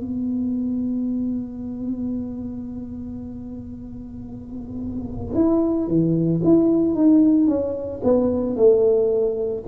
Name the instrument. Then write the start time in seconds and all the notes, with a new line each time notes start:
tuba
0.00 B3
5.34 E4
5.87 E3
6.43 E4
6.94 D#4
7.47 C#4
8.03 B3
8.56 A3